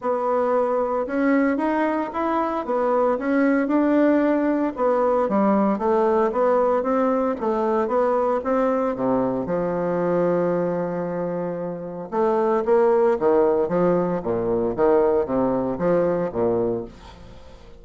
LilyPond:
\new Staff \with { instrumentName = "bassoon" } { \time 4/4 \tempo 4 = 114 b2 cis'4 dis'4 | e'4 b4 cis'4 d'4~ | d'4 b4 g4 a4 | b4 c'4 a4 b4 |
c'4 c4 f2~ | f2. a4 | ais4 dis4 f4 ais,4 | dis4 c4 f4 ais,4 | }